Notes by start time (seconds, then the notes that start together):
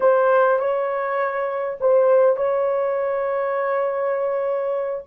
0.00 C5
0.59 C#5
1.80 C5
2.36 C#5